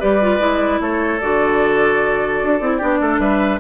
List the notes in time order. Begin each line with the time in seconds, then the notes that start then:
0.00 G3 G4 B4 D5
0.22 F4
0.40 G#3 E4
0.81 A3 A4 C#5
1.21 D3 F#4 D5
2.43 D4
2.61 C4 E4
2.78 B3 D4 G4
3.01 A3 A4
3.19 G3 B4 E5